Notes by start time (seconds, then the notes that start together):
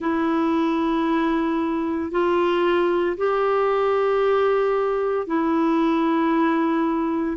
0.00 E4
2.11 F4
3.17 G4
5.26 E4